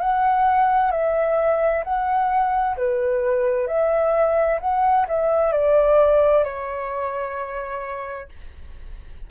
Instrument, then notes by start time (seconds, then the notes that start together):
flute
0.00 F#5
0.91 E5
1.84 F#5
2.77 B4
3.67 E5
4.61 F#5
5.08 E5
5.53 D5
6.44 C#5